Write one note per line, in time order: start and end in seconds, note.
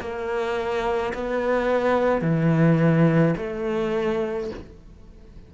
0.00 1.13 A#3
1.14 2.22 B3
2.22 3.35 E3
3.38 4.51 A3